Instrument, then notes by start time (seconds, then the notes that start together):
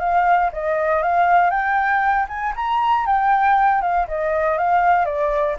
flute
0.00 F5
0.53 D#5
1.02 F5
1.50 G5
2.28 G#5
2.56 A#5
3.06 G5
3.82 F5
4.08 D#5
4.58 F5
5.05 D5